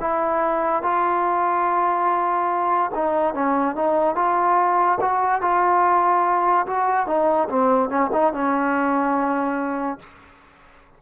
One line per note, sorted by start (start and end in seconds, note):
0.00 0.83 E4
0.83 2.91 F4
2.94 3.34 D#4
3.34 3.75 C#4
3.75 4.15 D#4
4.15 4.98 F4
5.01 5.41 F#4
5.41 6.66 F4
6.67 7.06 F#4
7.06 7.48 D#4
7.49 7.89 C4
7.89 8.10 C#4
8.12 8.33 D#4
8.33 10.00 C#4